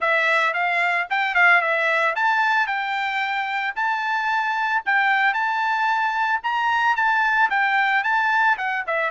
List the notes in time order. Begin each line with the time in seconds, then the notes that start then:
0.00 E5
0.53 F5
1.10 G5
1.35 F5
1.61 E5
2.15 A5
2.66 G5
3.75 A5
4.85 G5
5.33 A5
6.43 A#5
6.96 A5
7.50 G5
8.03 A5
8.57 F#5
8.86 E5